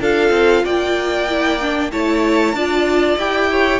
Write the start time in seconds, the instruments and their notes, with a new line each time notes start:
0.00 cello D4, viola F4, violin A4 F5
0.30 cello C4
0.64 cello A#3, violin D5 G5
1.29 viola E4
1.61 viola D4
1.92 cello A3, viola E4, violin C#5 A5
2.53 cello D4, viola F4, violin D5
3.18 cello E4, viola G4, violin G5
3.51 violin C#5